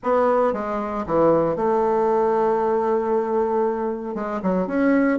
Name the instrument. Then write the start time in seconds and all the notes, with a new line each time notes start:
bassoon
0.03 B3
0.53 G#3
1.06 E3
1.56 A3
4.14 G#3
4.42 F#3
4.67 C#4